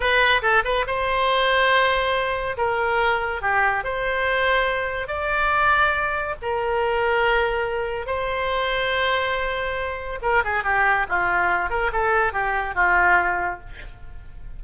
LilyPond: \new Staff \with { instrumentName = "oboe" } { \time 4/4 \tempo 4 = 141 b'4 a'8 b'8 c''2~ | c''2 ais'2 | g'4 c''2. | d''2. ais'4~ |
ais'2. c''4~ | c''1 | ais'8 gis'8 g'4 f'4. ais'8 | a'4 g'4 f'2 | }